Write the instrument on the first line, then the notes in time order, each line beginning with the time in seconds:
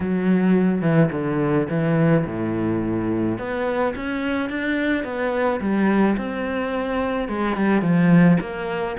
cello
0.00 F#3
0.81 E3
1.11 D3
1.69 E3
2.26 A2
3.38 B3
3.95 C#4
4.49 D4
5.03 B3
5.60 G3
6.17 C4
7.28 G#3
7.56 G3
7.81 F3
8.40 A#3